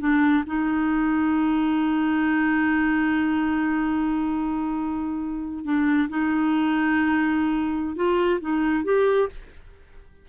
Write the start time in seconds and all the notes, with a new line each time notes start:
0.00 D4
0.47 D#4
5.65 D4
6.09 D#4
7.96 F4
8.41 D#4
8.85 G4